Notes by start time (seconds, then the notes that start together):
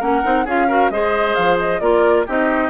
0.00 A#3 C#4 A#4 F#5
0.23 C4 D#4
0.45 C#4 F4 G#4 F5
0.68 F#4 A#4
0.91 G#3 G#4 C5 D#5
1.35 F3 F5
1.59 D#5
1.80 A#3 F4 A#4 D5
2.27 C4 D#4 G4 D#5